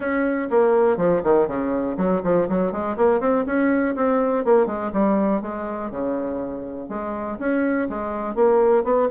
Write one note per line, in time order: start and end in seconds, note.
0.00 0.48 C#4
0.50 0.97 A#3
0.97 1.21 F3
1.23 1.47 D#3
1.47 1.96 C#3
1.97 2.21 F#3
2.23 2.48 F3
2.49 2.71 F#3
2.71 2.96 G#3
2.96 3.20 A#3
3.20 3.44 C4
3.46 3.95 C#4
3.95 4.44 C4
4.45 4.66 A#3
4.66 4.91 G#3
4.92 5.41 G3
5.41 5.90 G#3
5.90 6.89 C#3
6.89 7.38 G#3
7.39 7.88 C#4
7.89 8.35 G#3
8.35 8.84 A#3
8.84 9.08 B3